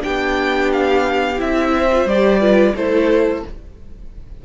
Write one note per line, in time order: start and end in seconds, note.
0.00 1.36 D4
0.00 1.75 G4
0.00 0.72 G5
0.07 1.40 B3
0.72 1.41 F5
1.37 2.05 C4
1.37 1.88 E4
1.37 2.08 E5
1.77 2.40 C5
1.92 2.08 F4
2.05 2.74 G3
2.05 2.41 G4
2.05 2.76 D5
2.40 2.75 F4
2.40 2.74 B4
2.75 3.43 A3
2.75 3.45 E4
2.75 3.45 A4
2.75 3.44 C5